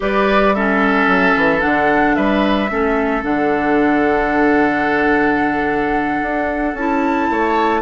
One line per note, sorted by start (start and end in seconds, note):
0.00 1.07 G3
0.00 0.54 G4
0.00 0.55 B4
0.00 0.54 D5
0.54 1.60 C#4
0.54 2.16 A4
0.54 1.61 E5
1.07 1.34 F#3
1.36 1.63 E3
1.60 2.16 D3
1.60 2.68 D4
1.60 2.15 F#5
2.15 2.70 G3
2.15 2.70 B4
2.15 3.23 E5
2.69 3.23 A3
2.69 3.22 C#4
2.69 7.31 A4
3.22 6.21 D3
3.22 6.74 D4
3.22 6.75 F#5
6.22 6.74 D4
6.74 7.28 C#4
6.74 7.81 E4
6.74 7.81 A5
7.30 7.81 A3
7.30 7.81 C#5